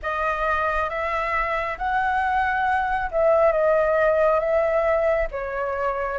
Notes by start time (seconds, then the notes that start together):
0.02 D#5
0.89 E5
1.78 F#5
3.11 E5
3.51 D#5
4.39 E5
5.31 C#5